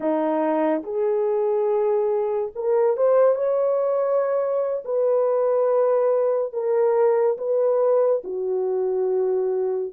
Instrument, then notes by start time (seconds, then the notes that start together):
horn
0.00 D#4
0.83 G#4
2.55 A#4
2.97 C5
3.35 C#5
4.84 B4
6.52 A#4
7.38 B4
8.24 F#4